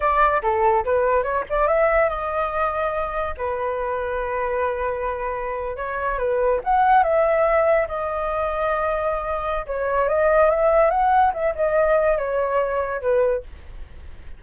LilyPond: \new Staff \with { instrumentName = "flute" } { \time 4/4 \tempo 4 = 143 d''4 a'4 b'4 cis''8 d''8 | e''4 dis''2. | b'1~ | b'4.~ b'16 cis''4 b'4 fis''16~ |
fis''8. e''2 dis''4~ dis''16~ | dis''2. cis''4 | dis''4 e''4 fis''4 e''8 dis''8~ | dis''4 cis''2 b'4 | }